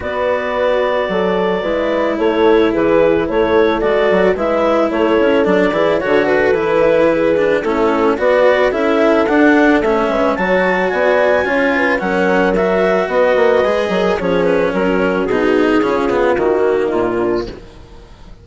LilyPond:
<<
  \new Staff \with { instrumentName = "clarinet" } { \time 4/4 \tempo 4 = 110 d''1 | cis''4 b'4 cis''4 d''4 | e''4 cis''4 d''4 cis''8 b'8~ | b'2 a'4 d''4 |
e''4 fis''4 e''4 a''4 | gis''2 fis''4 e''4 | dis''2 cis''8 b'8 ais'4 | gis'2 fis'4 f'4 | }
  \new Staff \with { instrumentName = "horn" } { \time 4/4 b'2 a'4 b'4 | a'4 gis'4 a'2 | b'4 a'4. gis'8 a'4~ | a'4 gis'4 e'4 b'4 |
a'2~ a'8 b'8 cis''4 | d''4 cis''8 b'8 ais'2 | b'4. ais'8 gis'4 fis'4~ | fis'4 f'4. dis'4 d'8 | }
  \new Staff \with { instrumentName = "cello" } { \time 4/4 fis'2. e'4~ | e'2. fis'4 | e'2 d'8 e'8 fis'4 | e'4. d'8 cis'4 fis'4 |
e'4 d'4 cis'4 fis'4~ | fis'4 f'4 cis'4 fis'4~ | fis'4 gis'4 cis'2 | dis'4 cis'8 b8 ais2 | }
  \new Staff \with { instrumentName = "bassoon" } { \time 4/4 b2 fis4 gis4 | a4 e4 a4 gis8 fis8 | gis4 a8 cis'8 fis8 e8 d4 | e2 a4 b4 |
cis'4 d'4 a8 gis8 fis4 | b4 cis'4 fis2 | b8 ais8 gis8 fis8 f4 fis4 | b,4 cis4 dis4 ais,4 | }
>>